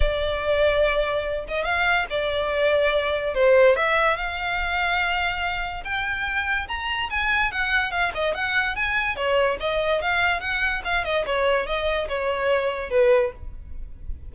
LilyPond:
\new Staff \with { instrumentName = "violin" } { \time 4/4 \tempo 4 = 144 d''2.~ d''8 dis''8 | f''4 d''2. | c''4 e''4 f''2~ | f''2 g''2 |
ais''4 gis''4 fis''4 f''8 dis''8 | fis''4 gis''4 cis''4 dis''4 | f''4 fis''4 f''8 dis''8 cis''4 | dis''4 cis''2 b'4 | }